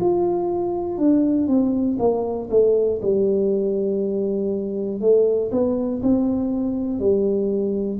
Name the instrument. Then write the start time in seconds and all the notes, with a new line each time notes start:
tuba
0.00 F4
0.98 D4
1.47 C4
2.00 A#3
2.50 A3
3.02 G3
5.00 A3
5.52 B3
6.03 C4
7.00 G3